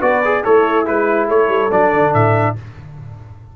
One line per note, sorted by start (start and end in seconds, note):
0.00 0.45 B3
0.00 0.23 F#4
0.00 0.42 B4
0.00 0.44 D5
0.25 0.44 G#4
0.44 0.89 A3
0.44 1.28 E4
0.44 0.86 A4
0.44 0.87 C#5
0.86 1.30 G#3
0.86 1.71 E4
0.86 1.30 B4
1.28 1.49 A3
1.28 2.55 A4
1.28 1.72 C#5
1.49 1.70 G3
1.72 1.93 F#3
1.72 2.56 D4
1.72 2.14 D5
1.93 2.14 D3
2.14 2.56 A2
2.14 2.57 E5